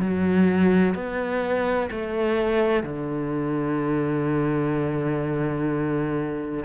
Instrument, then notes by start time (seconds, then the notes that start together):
cello
0.00 F#3
0.95 B3
1.91 A3
2.84 D3